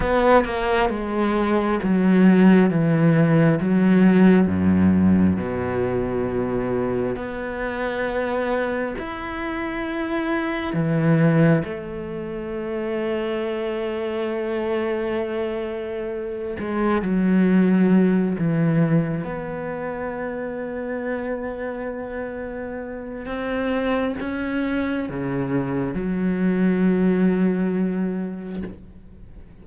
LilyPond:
\new Staff \with { instrumentName = "cello" } { \time 4/4 \tempo 4 = 67 b8 ais8 gis4 fis4 e4 | fis4 fis,4 b,2 | b2 e'2 | e4 a2.~ |
a2~ a8 gis8 fis4~ | fis8 e4 b2~ b8~ | b2 c'4 cis'4 | cis4 fis2. | }